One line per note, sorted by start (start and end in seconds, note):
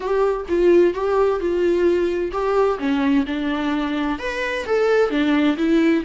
0.00 0.46 G4
0.48 0.94 F4
0.94 1.40 G4
1.40 2.31 F4
2.31 2.78 G4
2.78 3.25 C#4
3.26 4.18 D4
4.18 4.65 B4
4.66 5.10 A4
5.10 5.56 D4
5.57 6.03 E4